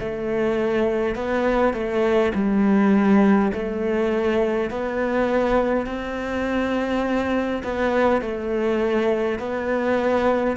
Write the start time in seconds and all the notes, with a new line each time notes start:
0.00 A3
1.16 B3
1.74 A3
2.35 G3
3.53 A3
4.71 B3
5.87 C4
7.64 B3
8.22 A3
9.40 B3